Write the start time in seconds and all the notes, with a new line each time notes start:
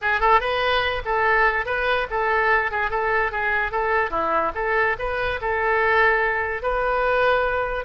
0.01 G#4
0.20 A4
0.40 B4
1.05 A4
1.65 B4
2.10 A4
2.71 G#4
2.90 A4
3.31 G#4
3.71 A4
4.10 E4
4.55 A4
4.98 B4
5.41 A4
6.62 B4